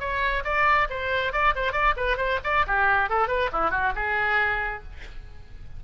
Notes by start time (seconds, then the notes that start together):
0.00 C#5
0.44 D5
0.90 C5
1.33 D5
1.55 C5
1.73 D5
1.97 B4
2.17 C5
2.44 D5
2.67 G4
3.10 A4
3.28 B4
3.52 E4
3.71 F#4
3.96 G#4